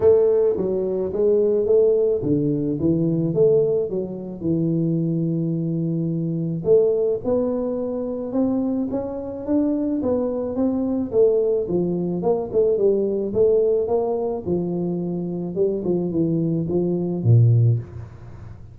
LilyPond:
\new Staff \with { instrumentName = "tuba" } { \time 4/4 \tempo 4 = 108 a4 fis4 gis4 a4 | d4 e4 a4 fis4 | e1 | a4 b2 c'4 |
cis'4 d'4 b4 c'4 | a4 f4 ais8 a8 g4 | a4 ais4 f2 | g8 f8 e4 f4 ais,4 | }